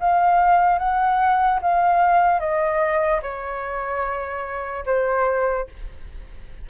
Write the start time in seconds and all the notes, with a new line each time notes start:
0.00 F5
0.79 F#5
1.62 F5
2.40 D#5
3.23 C#5
4.86 C5